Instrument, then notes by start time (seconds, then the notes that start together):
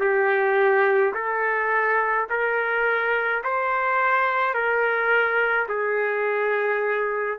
trumpet
0.00 G4
1.14 A4
2.30 A#4
3.44 C5
4.54 A#4
5.69 G#4